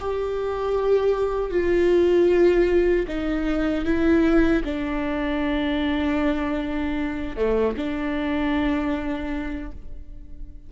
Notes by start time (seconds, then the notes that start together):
0.00 G4
1.50 F4
3.07 D#4
3.85 E4
4.64 D4
7.36 A3
7.77 D4